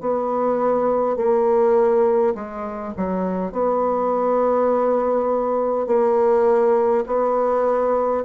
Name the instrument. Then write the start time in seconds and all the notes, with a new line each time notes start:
bassoon
0.00 B3
1.16 A#3
2.35 G#3
2.97 F#3
3.52 B3
5.87 A#3
7.06 B3